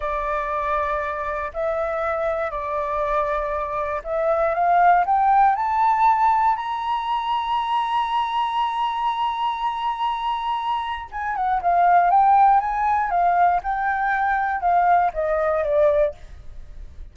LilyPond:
\new Staff \with { instrumentName = "flute" } { \time 4/4 \tempo 4 = 119 d''2. e''4~ | e''4 d''2. | e''4 f''4 g''4 a''4~ | a''4 ais''2.~ |
ais''1~ | ais''2 gis''8 fis''8 f''4 | g''4 gis''4 f''4 g''4~ | g''4 f''4 dis''4 d''4 | }